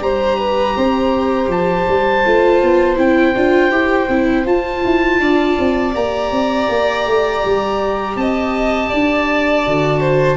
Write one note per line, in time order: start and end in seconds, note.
0.00 0.74 G3
0.00 2.24 G4
0.00 0.39 C5
0.00 1.50 A#5
0.39 0.76 B4
0.76 1.48 C4
0.76 5.20 C5
1.48 1.85 F3
1.48 2.98 A5
1.87 2.25 G3
2.25 2.62 A3
2.25 2.96 F4
2.62 2.98 B3
2.96 3.35 C4
2.96 3.33 E4
2.96 4.46 G5
3.36 3.70 D4
3.36 3.71 F4
3.70 4.07 E4
3.70 4.08 G4
4.08 4.45 C4
4.08 4.45 E4
4.45 5.93 F4
4.45 4.82 F4
4.45 5.95 A5
4.84 5.19 E4
5.19 5.56 D4
5.19 8.16 D5
5.58 5.95 C4
5.94 6.31 A#3
5.94 9.64 G4
5.94 8.16 A#5
6.31 6.68 C4
6.69 7.06 A#3
7.06 7.43 A3
7.44 8.15 G3
8.15 8.90 C4
8.15 8.89 D#5
8.15 10.36 A5
8.89 9.66 D4
8.89 10.00 D5
9.65 10.36 D3
9.65 10.36 F#4
10.00 10.36 C5